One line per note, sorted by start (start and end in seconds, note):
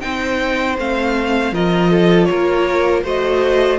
0.00 0.78 C4
0.00 0.77 D#4
0.00 1.53 C5
0.00 0.76 G5
0.78 1.52 A3
0.78 1.54 C4
0.78 1.54 F5
1.52 2.28 F3
1.52 3.05 F4
1.52 1.91 A#4
1.52 2.25 D#5
1.91 2.29 A4
2.25 3.03 A#4
2.25 3.01 C#5
2.31 3.04 A#3
3.03 3.79 A3
3.03 3.79 F#4
3.03 3.79 C5
3.03 3.79 D#5